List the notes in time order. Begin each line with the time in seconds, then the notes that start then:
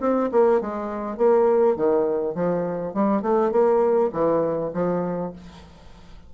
0.00 C4
0.31 A#3
0.60 G#3
1.17 A#3
1.76 D#3
2.35 F3
2.94 G3
3.22 A3
3.52 A#3
4.13 E3
4.73 F3